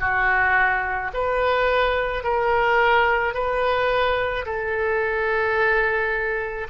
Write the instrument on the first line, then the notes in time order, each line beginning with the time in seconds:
oboe
0.00 F#4
1.13 B4
2.23 A#4
3.34 B4
4.45 A4